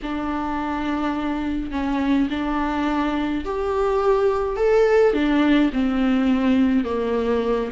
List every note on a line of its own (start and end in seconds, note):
0.02 1.71 D4
1.71 2.28 C#4
2.30 3.44 D4
3.44 4.56 G4
4.56 5.13 A4
5.13 5.70 D4
5.72 6.84 C4
6.84 7.70 A#3